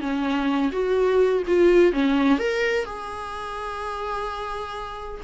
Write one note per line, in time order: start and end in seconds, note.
0.00 0.71 C#4
0.72 1.43 F#4
1.47 1.92 F4
1.92 2.38 C#4
2.38 2.85 A#4
2.85 5.21 G#4